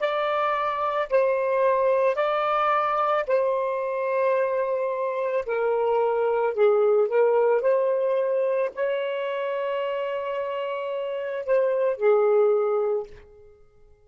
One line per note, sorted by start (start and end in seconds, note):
0.00 1.09 D5
1.10 2.16 C5
2.16 3.25 D5
3.27 5.45 C5
5.46 6.54 A#4
6.54 7.09 G#4
7.09 7.62 A#4
7.62 8.71 C5
8.75 11.45 C#5
11.45 11.98 C5
11.98 13.07 G#4